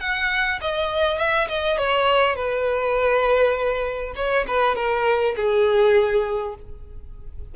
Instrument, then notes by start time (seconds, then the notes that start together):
violin
0.00 F#5
0.61 D#5
1.19 E5
1.49 D#5
1.78 C#5
2.35 B4
4.16 C#5
4.48 B4
4.76 A#4
5.36 G#4